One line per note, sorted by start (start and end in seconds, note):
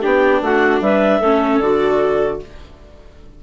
0.00 0.41 B3
0.00 1.22 D4
0.00 0.40 G4
0.00 0.42 G5
0.41 0.80 A3
0.41 0.82 F#4
0.41 0.81 F#5
0.80 1.20 G3
0.80 1.20 B4
0.80 1.60 E5
1.20 1.60 A3
1.20 1.63 C#4
1.20 2.40 A4
1.60 2.40 D3
1.60 2.43 F#4
1.60 2.40 D5